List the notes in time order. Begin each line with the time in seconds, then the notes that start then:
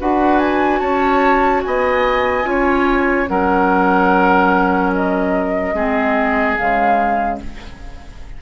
0.00 D4 F#4 B4 F#5
0.39 G#5
0.79 C#4 C#5 A5
1.63 B3 D#5 G#5
2.44 C#4 F4 C#5
3.28 F#3 C#4 A#4 F#5
4.95 D#5
5.74 G#3 C4 G#4
6.57 C#3 G#3 F5